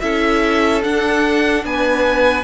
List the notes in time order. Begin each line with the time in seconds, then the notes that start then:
0.00 C#4 E4 A4 E5
0.83 D4 F#5
1.64 B3 B4 G#5